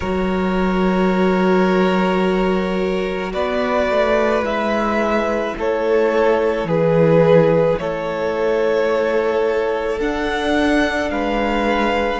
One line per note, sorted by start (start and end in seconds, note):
0.00 3.34 F#3
0.00 4.42 F#4
0.00 3.32 A#4
0.00 3.32 C#5
3.32 3.89 B3
3.32 5.55 B4
3.32 4.44 D5
3.89 4.42 A3
4.42 5.53 G#3
4.42 9.98 E4
4.42 5.56 E5
5.56 6.64 A3
5.56 6.68 A4
5.56 6.69 C#5
6.64 7.75 E3
6.64 7.79 G#4
6.64 7.78 B4
7.78 9.99 A3
7.78 11.11 A4
7.78 10.00 C#5
9.99 11.10 D4
9.99 12.20 D4
9.99 11.10 F#5
11.10 12.20 G#3
11.10 12.20 B4
11.10 12.20 F5